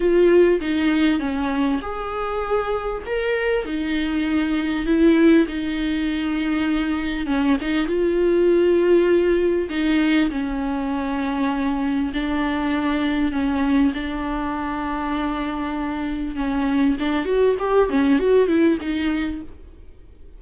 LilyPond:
\new Staff \with { instrumentName = "viola" } { \time 4/4 \tempo 4 = 99 f'4 dis'4 cis'4 gis'4~ | gis'4 ais'4 dis'2 | e'4 dis'2. | cis'8 dis'8 f'2. |
dis'4 cis'2. | d'2 cis'4 d'4~ | d'2. cis'4 | d'8 fis'8 g'8 cis'8 fis'8 e'8 dis'4 | }